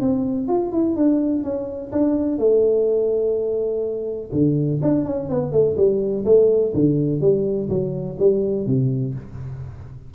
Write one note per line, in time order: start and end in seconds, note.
0.00 0.48 C4
0.48 0.72 F4
0.72 0.96 E4
0.96 1.43 D4
1.43 1.91 C#4
1.92 2.38 D4
2.38 4.30 A3
4.32 4.80 D3
4.82 5.05 D4
5.05 5.29 C#4
5.29 5.52 B3
5.52 5.76 A3
5.76 6.24 G3
6.25 6.73 A3
6.74 7.20 D3
7.20 7.68 G3
7.69 8.17 F#3
8.18 8.66 G3
8.66 9.14 C3